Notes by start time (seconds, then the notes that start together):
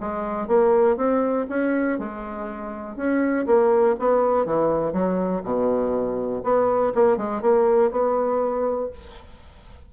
0.00 G#3
0.48 A#3
0.97 C4
1.49 C#4
1.99 G#3
2.96 C#4
3.47 A#3
3.99 B3
4.46 E3
4.93 F#3
5.43 B2
6.44 B3
6.95 A#3
7.17 G#3
7.42 A#3
7.91 B3